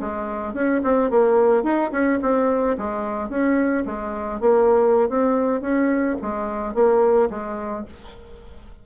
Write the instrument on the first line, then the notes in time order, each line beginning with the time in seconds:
bassoon
0.00 G#3
0.54 C#4
0.84 C4
1.11 A#3
1.64 D#4
1.92 C#4
2.22 C4
2.78 G#3
3.30 C#4
3.86 G#3
4.41 A#3
5.10 C4
5.61 C#4
6.22 G#3
6.75 A#3
7.30 G#3